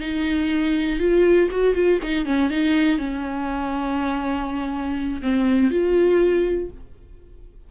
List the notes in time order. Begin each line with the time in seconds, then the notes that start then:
0.00 D#4
0.99 F4
1.51 F#4
1.74 F4
2.02 D#4
2.25 C#4
2.50 D#4
2.98 C#4
5.22 C4
5.71 F4